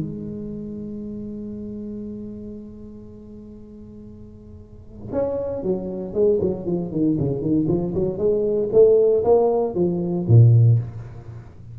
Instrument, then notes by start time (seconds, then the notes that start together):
tuba
0.00 G#3
5.13 C#4
5.63 F#3
6.14 G#3
6.41 F#3
6.66 F3
6.92 D#3
7.20 C#3
7.42 D#3
7.69 F3
7.95 F#3
8.18 G#3
8.73 A3
9.25 A#3
9.75 F3
10.28 A#2